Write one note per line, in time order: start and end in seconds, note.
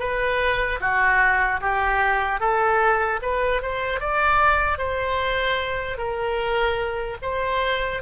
0.00 0.80 B4
0.81 1.61 F#4
1.61 2.40 G4
2.40 3.20 A4
3.22 3.62 B4
3.62 4.00 C5
4.00 4.79 D5
4.79 5.98 C5
5.98 7.18 A#4
7.23 8.03 C5